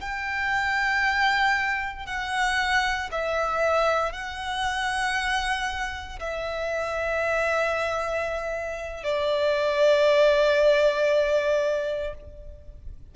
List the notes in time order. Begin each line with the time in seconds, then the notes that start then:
0.00 G5
2.06 F#5
3.11 E5
4.12 F#5
6.20 E5
9.03 D5